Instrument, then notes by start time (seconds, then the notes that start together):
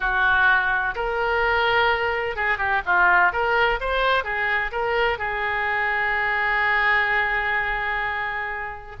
oboe
0.00 F#4
0.95 A#4
2.36 G#4
2.58 G4
2.85 F4
3.32 A#4
3.80 C5
4.23 G#4
4.71 A#4
5.18 G#4